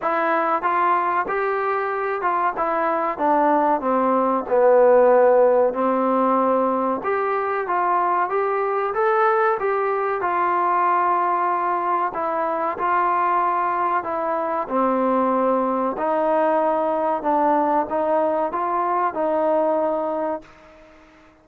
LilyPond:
\new Staff \with { instrumentName = "trombone" } { \time 4/4 \tempo 4 = 94 e'4 f'4 g'4. f'8 | e'4 d'4 c'4 b4~ | b4 c'2 g'4 | f'4 g'4 a'4 g'4 |
f'2. e'4 | f'2 e'4 c'4~ | c'4 dis'2 d'4 | dis'4 f'4 dis'2 | }